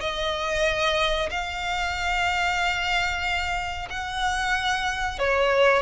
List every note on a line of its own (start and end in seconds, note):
0.00 1.29 D#5
1.30 3.88 F5
3.89 5.18 F#5
5.18 5.82 C#5